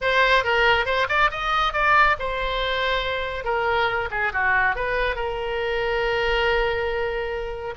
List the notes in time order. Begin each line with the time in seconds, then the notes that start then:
0.01 C5
0.44 A#4
0.85 C5
1.08 D5
1.30 D#5
1.73 D5
2.19 C5
3.44 A#4
4.10 G#4
4.32 F#4
4.75 B4
5.15 A#4